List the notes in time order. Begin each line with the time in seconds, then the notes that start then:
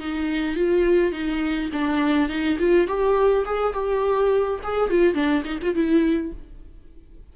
0.00 D#4
0.56 F4
1.12 D#4
1.73 D4
2.29 D#4
2.59 F4
2.88 G4
3.45 G#4
3.74 G4
4.64 G#4
4.90 F4
5.15 D4
5.45 D#4
5.62 F4
5.75 E4